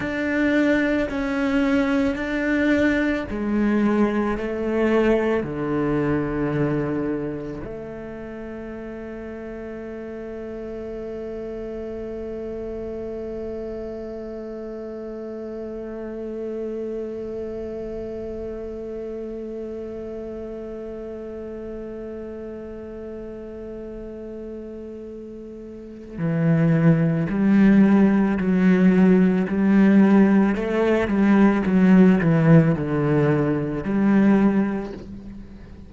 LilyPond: \new Staff \with { instrumentName = "cello" } { \time 4/4 \tempo 4 = 55 d'4 cis'4 d'4 gis4 | a4 d2 a4~ | a1~ | a1~ |
a1~ | a1 | e4 g4 fis4 g4 | a8 g8 fis8 e8 d4 g4 | }